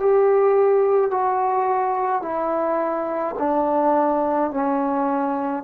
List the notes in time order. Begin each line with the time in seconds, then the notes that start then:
0.00 G4
1.11 F#4
2.22 E4
3.39 D4
4.51 C#4